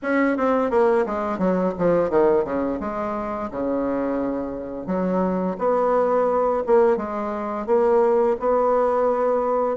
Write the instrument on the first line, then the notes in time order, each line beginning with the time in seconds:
bassoon
0.02 C#4
0.37 C4
0.70 A#3
1.06 G#3
1.38 F#3
1.78 F3
2.09 D#3
2.44 C#3
2.80 G#3
3.51 C#3
4.86 F#3
5.58 B3
6.66 A#3
6.96 G#3
7.66 A#3
8.39 B3